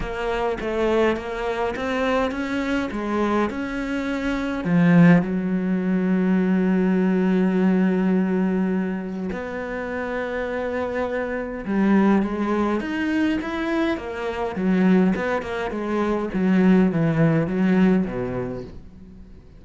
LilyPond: \new Staff \with { instrumentName = "cello" } { \time 4/4 \tempo 4 = 103 ais4 a4 ais4 c'4 | cis'4 gis4 cis'2 | f4 fis2.~ | fis1 |
b1 | g4 gis4 dis'4 e'4 | ais4 fis4 b8 ais8 gis4 | fis4 e4 fis4 b,4 | }